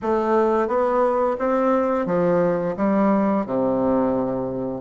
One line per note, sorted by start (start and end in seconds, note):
0.02 0.67 A3
0.67 1.36 B3
1.38 2.06 C4
2.06 2.75 F3
2.76 3.45 G3
3.45 4.81 C3